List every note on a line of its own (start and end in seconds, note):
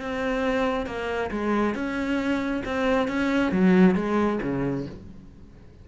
0.00 0.86 C4
0.86 1.30 A#3
1.31 1.75 G#3
1.75 2.63 C#4
2.65 3.08 C4
3.08 3.52 C#4
3.52 3.95 F#3
3.95 4.39 G#3
4.42 4.86 C#3